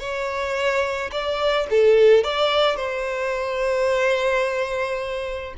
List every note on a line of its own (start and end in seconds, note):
0.00 1.11 C#5
1.12 1.67 D5
1.71 2.24 A4
2.24 2.77 D5
2.77 5.54 C5